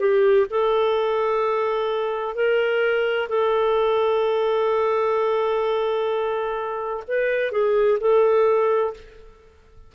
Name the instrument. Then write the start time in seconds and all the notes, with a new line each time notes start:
clarinet
0.00 G4
0.50 A4
2.35 A#4
3.29 A4
7.08 B4
7.52 G#4
8.00 A4